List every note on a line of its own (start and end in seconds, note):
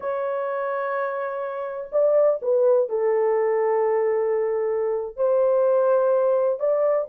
0.00 1.90 C#5
1.92 2.40 D5
2.42 2.89 B4
2.89 5.16 A4
5.16 6.59 C5
6.59 7.07 D5